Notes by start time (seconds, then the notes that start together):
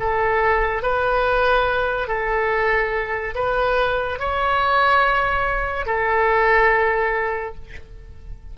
0.00 A4
0.83 B4
2.08 A4
3.35 B4
4.20 C#5
5.86 A4